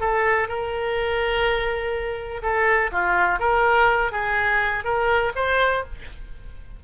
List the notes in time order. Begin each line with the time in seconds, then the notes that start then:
0.00 A4
0.48 A#4
2.42 A4
2.92 F4
3.39 A#4
4.12 G#4
4.84 A#4
5.35 C5